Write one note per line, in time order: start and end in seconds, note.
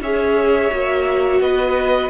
0.00 0.71 C#4
0.00 0.70 G#4
0.00 1.42 C#5
0.00 1.41 E5
0.70 1.40 A#3
0.70 2.09 F#4
1.40 2.09 B3
1.40 2.09 B4
1.40 2.09 D#5